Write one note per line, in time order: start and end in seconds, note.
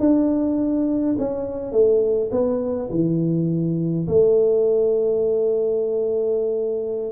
0.00 1.17 D4
1.19 1.72 C#4
1.72 2.31 A3
2.32 2.90 B3
2.91 4.08 E3
4.08 7.13 A3